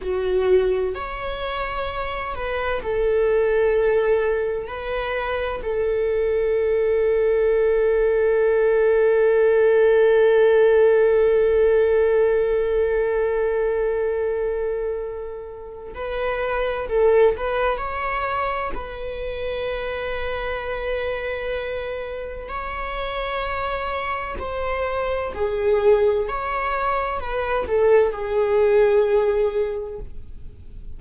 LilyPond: \new Staff \with { instrumentName = "viola" } { \time 4/4 \tempo 4 = 64 fis'4 cis''4. b'8 a'4~ | a'4 b'4 a'2~ | a'1~ | a'1~ |
a'4 b'4 a'8 b'8 cis''4 | b'1 | cis''2 c''4 gis'4 | cis''4 b'8 a'8 gis'2 | }